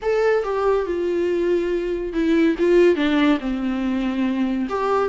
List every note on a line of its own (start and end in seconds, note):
0.02 0.43 A4
0.43 0.85 G4
0.85 2.13 F4
2.13 2.55 E4
2.58 2.95 F4
2.95 3.38 D4
3.39 4.67 C4
4.69 5.09 G4